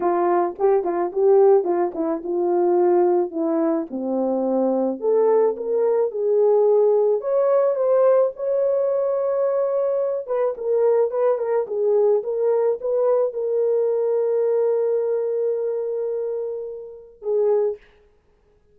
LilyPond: \new Staff \with { instrumentName = "horn" } { \time 4/4 \tempo 4 = 108 f'4 g'8 f'8 g'4 f'8 e'8 | f'2 e'4 c'4~ | c'4 a'4 ais'4 gis'4~ | gis'4 cis''4 c''4 cis''4~ |
cis''2~ cis''8 b'8 ais'4 | b'8 ais'8 gis'4 ais'4 b'4 | ais'1~ | ais'2. gis'4 | }